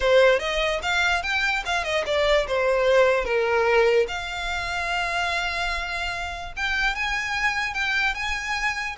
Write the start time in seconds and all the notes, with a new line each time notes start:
0.00 C5
0.39 D#5
0.82 F5
1.22 G5
1.65 F5
1.84 D#5
2.06 D5
2.47 C5
3.24 A#4
4.08 F5
6.56 G5
6.95 G#5
7.74 G5
8.14 G#5